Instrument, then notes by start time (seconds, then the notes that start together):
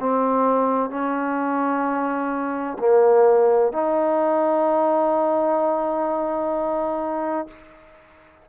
trombone
0.00 C4
0.90 C#4
2.79 A#3
3.73 D#4